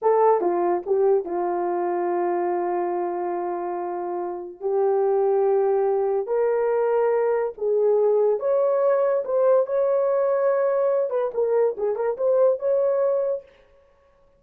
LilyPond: \new Staff \with { instrumentName = "horn" } { \time 4/4 \tempo 4 = 143 a'4 f'4 g'4 f'4~ | f'1~ | f'2. g'4~ | g'2. ais'4~ |
ais'2 gis'2 | cis''2 c''4 cis''4~ | cis''2~ cis''8 b'8 ais'4 | gis'8 ais'8 c''4 cis''2 | }